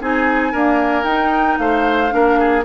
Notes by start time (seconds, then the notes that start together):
0.00 C4 D#4 G#4 G#5
0.52 A#3 D4 A#4
1.03 D#4 G5
1.58 A3 C5 F5
2.09 A#3 D4 A#4
2.39 G#4